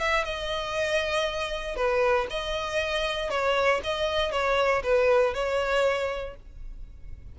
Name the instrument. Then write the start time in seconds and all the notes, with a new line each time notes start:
violin
0.00 E5
0.25 D#5
1.76 B4
2.30 D#5
3.31 C#5
3.84 D#5
4.32 C#5
4.84 B4
5.34 C#5